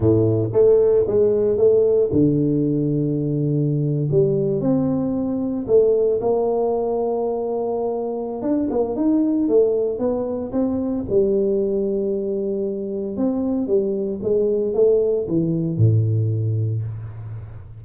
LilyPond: \new Staff \with { instrumentName = "tuba" } { \time 4/4 \tempo 4 = 114 a,4 a4 gis4 a4 | d2.~ d8. g16~ | g8. c'2 a4 ais16~ | ais1 |
d'8 ais8 dis'4 a4 b4 | c'4 g2.~ | g4 c'4 g4 gis4 | a4 e4 a,2 | }